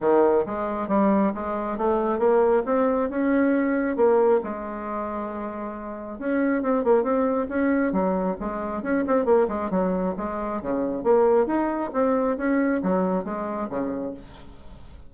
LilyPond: \new Staff \with { instrumentName = "bassoon" } { \time 4/4 \tempo 4 = 136 dis4 gis4 g4 gis4 | a4 ais4 c'4 cis'4~ | cis'4 ais4 gis2~ | gis2 cis'4 c'8 ais8 |
c'4 cis'4 fis4 gis4 | cis'8 c'8 ais8 gis8 fis4 gis4 | cis4 ais4 dis'4 c'4 | cis'4 fis4 gis4 cis4 | }